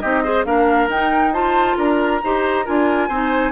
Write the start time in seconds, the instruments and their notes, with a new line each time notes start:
0.00 bassoon C4, clarinet D#4, oboe G4, flute D#5
0.23 clarinet G#4, oboe C5
0.45 bassoon A#3, clarinet D4, oboe A#4, flute F5
0.87 bassoon D#4, clarinet D#4, flute G5
1.32 clarinet F4, oboe C5, flute A5
1.77 bassoon D4, oboe A#4, flute A#5
2.23 bassoon D#4, clarinet G4, oboe C5
2.65 bassoon D4, clarinet F4, oboe A#4, flute G#5
3.08 bassoon C4, clarinet D#4, oboe C5